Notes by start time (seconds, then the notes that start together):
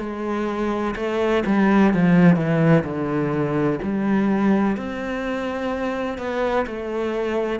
0.00 G#3
0.97 A3
1.46 G3
1.94 F3
2.36 E3
2.84 D3
3.83 G3
4.77 C4
6.18 B3
6.67 A3